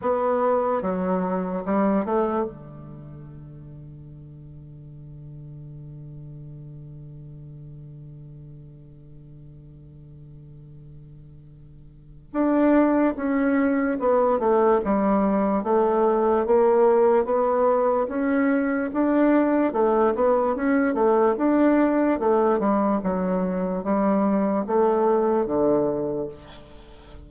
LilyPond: \new Staff \with { instrumentName = "bassoon" } { \time 4/4 \tempo 4 = 73 b4 fis4 g8 a8 d4~ | d1~ | d1~ | d2. d'4 |
cis'4 b8 a8 g4 a4 | ais4 b4 cis'4 d'4 | a8 b8 cis'8 a8 d'4 a8 g8 | fis4 g4 a4 d4 | }